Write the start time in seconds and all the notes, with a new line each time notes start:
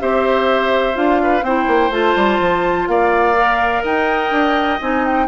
0.00 C4 G4 C5 E5
0.94 D4 F4 F5
1.23 B4
1.42 C4 E4 C5 G5
1.67 A#3
1.90 A3 F4 A5
2.16 G3
2.40 F3
2.88 A#3 D5 F5
3.36 A#4
3.83 D#4 D#5 G5
4.31 D4
4.81 C4 D#4 G#5
5.06 G5